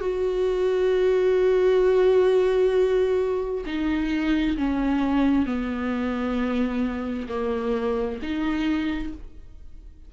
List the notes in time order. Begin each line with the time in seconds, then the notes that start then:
0.00 F#4
3.66 D#4
4.57 C#4
5.45 B3
7.28 A#3
8.22 D#4